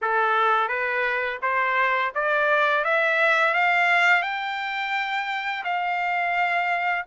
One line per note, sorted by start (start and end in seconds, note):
0.01 0.68 A4
0.68 1.39 B4
1.41 2.12 C5
2.15 2.84 D5
2.84 3.54 E5
3.54 4.22 F5
4.22 5.63 G5
5.63 7.05 F5